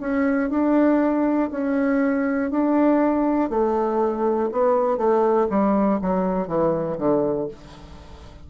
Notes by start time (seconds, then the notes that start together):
0.00 C#4
0.50 D4
1.51 C#4
2.50 D4
3.50 A3
4.52 B3
4.97 A3
5.50 G3
6.01 F#3
6.47 E3
6.98 D3